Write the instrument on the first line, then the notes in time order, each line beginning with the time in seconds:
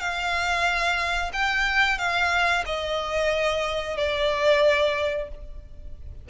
violin
0.00 F5
1.33 G5
1.99 F5
2.66 D#5
3.97 D5